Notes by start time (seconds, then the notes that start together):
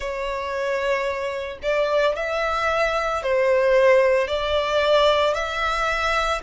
0.00 C#5
1.62 D5
2.15 E5
3.22 C5
4.27 D5
5.34 E5